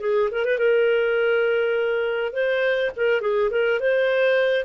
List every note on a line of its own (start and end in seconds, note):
0.00 0.29 G#4
0.31 0.45 A#4
0.45 0.58 B4
0.58 2.32 A#4
2.32 2.91 C5
2.96 3.21 A#4
3.21 3.50 G#4
3.50 3.79 A#4
3.79 4.65 C5